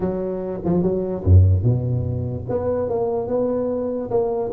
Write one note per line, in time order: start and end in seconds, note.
0.00 0.60 F#3
0.64 0.82 F3
0.82 1.23 F#3
1.24 1.63 F#2
1.63 2.45 B2
2.49 2.89 B3
2.89 3.27 A#3
3.27 4.09 B3
4.10 4.51 A#3